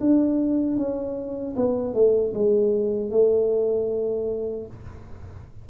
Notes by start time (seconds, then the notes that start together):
0.00 D4
0.77 C#4
1.56 B3
1.94 A3
2.34 G#3
3.11 A3